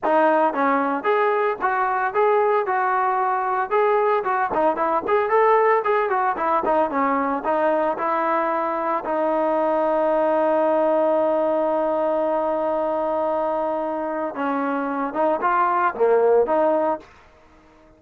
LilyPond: \new Staff \with { instrumentName = "trombone" } { \time 4/4 \tempo 4 = 113 dis'4 cis'4 gis'4 fis'4 | gis'4 fis'2 gis'4 | fis'8 dis'8 e'8 gis'8 a'4 gis'8 fis'8 | e'8 dis'8 cis'4 dis'4 e'4~ |
e'4 dis'2.~ | dis'1~ | dis'2. cis'4~ | cis'8 dis'8 f'4 ais4 dis'4 | }